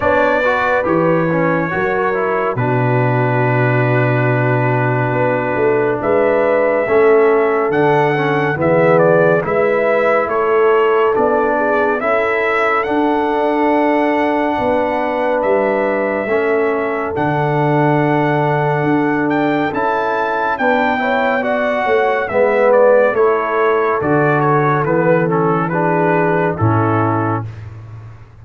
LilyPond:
<<
  \new Staff \with { instrumentName = "trumpet" } { \time 4/4 \tempo 4 = 70 d''4 cis''2 b'4~ | b'2. e''4~ | e''4 fis''4 e''8 d''8 e''4 | cis''4 d''4 e''4 fis''4~ |
fis''2 e''2 | fis''2~ fis''8 g''8 a''4 | g''4 fis''4 e''8 d''8 cis''4 | d''8 cis''8 b'8 a'8 b'4 a'4 | }
  \new Staff \with { instrumentName = "horn" } { \time 4/4 cis''8 b'4. ais'4 fis'4~ | fis'2. b'4 | a'2 gis'4 b'4 | a'4. gis'8 a'2~ |
a'4 b'2 a'4~ | a'1 | b'8 cis''8 d''8 cis''8 b'4 a'4~ | a'2 gis'4 e'4 | }
  \new Staff \with { instrumentName = "trombone" } { \time 4/4 d'8 fis'8 g'8 cis'8 fis'8 e'8 d'4~ | d'1 | cis'4 d'8 cis'8 b4 e'4~ | e'4 d'4 e'4 d'4~ |
d'2. cis'4 | d'2. e'4 | d'8 e'8 fis'4 b4 e'4 | fis'4 b8 cis'8 d'4 cis'4 | }
  \new Staff \with { instrumentName = "tuba" } { \time 4/4 b4 e4 fis4 b,4~ | b,2 b8 a8 gis4 | a4 d4 e4 gis4 | a4 b4 cis'4 d'4~ |
d'4 b4 g4 a4 | d2 d'4 cis'4 | b4. a8 gis4 a4 | d4 e2 a,4 | }
>>